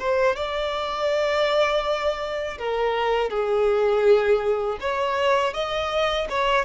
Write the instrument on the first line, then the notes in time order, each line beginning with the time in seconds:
violin
0.00 C5
0.36 D5
2.59 A#4
3.30 G#4
4.81 C#5
5.54 D#5
6.30 C#5